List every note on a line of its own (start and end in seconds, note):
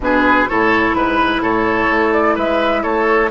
0.00 0.47 B2
0.00 0.48 D4
0.00 0.49 G#4
0.00 0.48 B4
0.48 0.94 A2
0.48 3.30 E4
0.48 0.96 A4
0.48 0.94 C#5
0.94 1.41 G#2
0.94 1.41 B4
0.94 1.42 B4
1.41 1.88 A2
1.41 2.35 A4
1.41 2.13 C#5
1.90 2.36 A3
2.13 2.36 D5
2.35 2.84 G#3
2.35 2.82 B4
2.35 2.82 E5
2.82 3.30 A3
2.82 3.30 A4
2.82 3.30 C#5